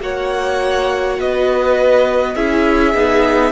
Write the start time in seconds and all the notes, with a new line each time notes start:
0.00 A#3 F#4 C#5 F#5
1.18 B3 B4 D#5
2.35 C#4 E4 G#4 E5
2.93 B3 D#4